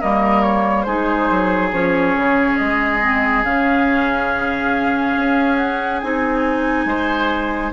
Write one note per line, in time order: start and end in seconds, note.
0.00 0.87 G3
0.00 0.87 A#3
0.00 0.86 A#4
0.00 0.43 D#5
0.43 0.83 C#5
0.83 1.30 G#3
0.83 1.73 D#4
0.83 6.86 G#4
0.83 1.69 C5
1.30 1.72 F#3
1.72 2.15 F3
1.72 3.01 C#4
1.72 2.58 C#5
2.16 2.59 C#3
2.58 3.44 G#3
2.58 3.44 D#5
3.01 3.44 C4
3.44 5.16 C#3
3.44 6.02 C#4
3.44 5.57 F5
5.17 6.02 C#4
5.57 6.00 F#5
6.01 6.85 C4
6.01 7.73 D#4
6.01 7.72 G#5
6.85 7.71 G#3
6.85 7.73 C5